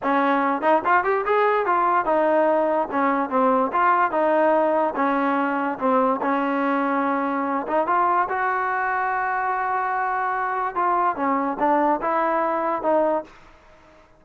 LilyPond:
\new Staff \with { instrumentName = "trombone" } { \time 4/4 \tempo 4 = 145 cis'4. dis'8 f'8 g'8 gis'4 | f'4 dis'2 cis'4 | c'4 f'4 dis'2 | cis'2 c'4 cis'4~ |
cis'2~ cis'8 dis'8 f'4 | fis'1~ | fis'2 f'4 cis'4 | d'4 e'2 dis'4 | }